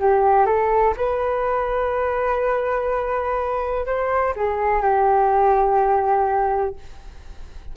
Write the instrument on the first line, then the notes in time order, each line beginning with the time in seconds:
flute
0.00 G4
0.47 A4
0.97 B4
3.86 C5
4.36 G#4
4.83 G4